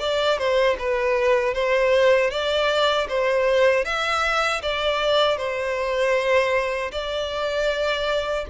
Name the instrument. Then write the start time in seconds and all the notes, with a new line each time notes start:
violin
0.00 D5
0.38 C5
0.79 B4
1.55 C5
2.31 D5
3.09 C5
3.85 E5
4.63 D5
5.38 C5
6.92 D5